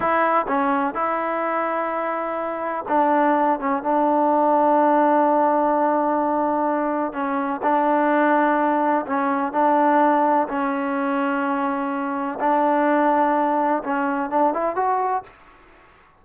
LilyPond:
\new Staff \with { instrumentName = "trombone" } { \time 4/4 \tempo 4 = 126 e'4 cis'4 e'2~ | e'2 d'4. cis'8 | d'1~ | d'2. cis'4 |
d'2. cis'4 | d'2 cis'2~ | cis'2 d'2~ | d'4 cis'4 d'8 e'8 fis'4 | }